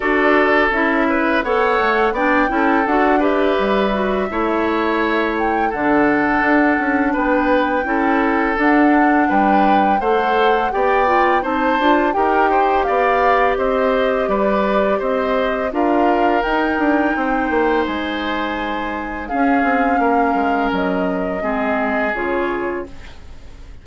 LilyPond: <<
  \new Staff \with { instrumentName = "flute" } { \time 4/4 \tempo 4 = 84 d''4 e''4 fis''4 g''4 | fis''8 e''2. g''8 | fis''2 g''2 | fis''4 g''4 fis''4 g''4 |
a''4 g''4 f''4 dis''4 | d''4 dis''4 f''4 g''4~ | g''4 gis''2 f''4~ | f''4 dis''2 cis''4 | }
  \new Staff \with { instrumentName = "oboe" } { \time 4/4 a'4. b'8 cis''4 d''8 a'8~ | a'8 b'4. cis''2 | a'2 b'4 a'4~ | a'4 b'4 c''4 d''4 |
c''4 ais'8 c''8 d''4 c''4 | b'4 c''4 ais'2 | c''2. gis'4 | ais'2 gis'2 | }
  \new Staff \with { instrumentName = "clarinet" } { \time 4/4 fis'4 e'4 a'4 d'8 e'8 | fis'8 g'4 fis'8 e'2 | d'2. e'4 | d'2 a'4 g'8 f'8 |
dis'8 f'8 g'2.~ | g'2 f'4 dis'4~ | dis'2. cis'4~ | cis'2 c'4 f'4 | }
  \new Staff \with { instrumentName = "bassoon" } { \time 4/4 d'4 cis'4 b8 a8 b8 cis'8 | d'4 g4 a2 | d4 d'8 cis'8 b4 cis'4 | d'4 g4 a4 b4 |
c'8 d'8 dis'4 b4 c'4 | g4 c'4 d'4 dis'8 d'8 | c'8 ais8 gis2 cis'8 c'8 | ais8 gis8 fis4 gis4 cis4 | }
>>